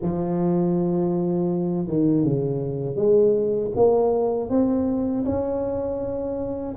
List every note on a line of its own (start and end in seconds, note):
0.02 1.88 F3
1.88 2.24 D#3
2.24 2.96 C#3
2.96 3.71 G#3
3.75 4.49 A#3
4.49 5.24 C4
5.25 6.75 C#4